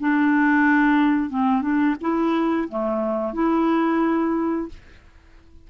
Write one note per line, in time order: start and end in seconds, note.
0.00 1.30 D4
1.30 1.62 C4
1.62 1.96 D4
2.01 2.69 E4
2.69 3.34 A3
3.34 4.69 E4